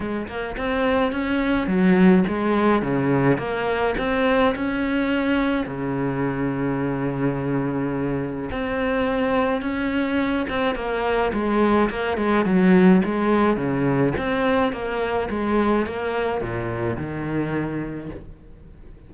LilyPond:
\new Staff \with { instrumentName = "cello" } { \time 4/4 \tempo 4 = 106 gis8 ais8 c'4 cis'4 fis4 | gis4 cis4 ais4 c'4 | cis'2 cis2~ | cis2. c'4~ |
c'4 cis'4. c'8 ais4 | gis4 ais8 gis8 fis4 gis4 | cis4 c'4 ais4 gis4 | ais4 ais,4 dis2 | }